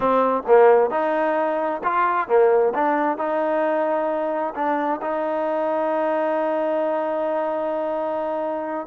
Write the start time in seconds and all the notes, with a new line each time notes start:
0.00 C4
0.46 A#3
0.90 D#4
1.83 F4
2.27 A#3
2.74 D4
3.17 D#4
4.54 D4
5.01 D#4